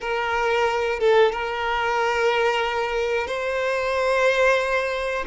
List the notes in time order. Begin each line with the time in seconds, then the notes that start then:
0.00 A#4
0.99 A4
1.32 A#4
3.27 C5